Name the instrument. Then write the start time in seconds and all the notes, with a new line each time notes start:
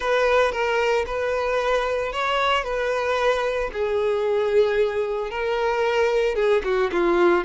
violin
0.00 B4
0.52 A#4
1.06 B4
2.12 C#5
2.64 B4
3.73 G#4
5.30 A#4
6.35 G#4
6.64 F#4
6.91 F4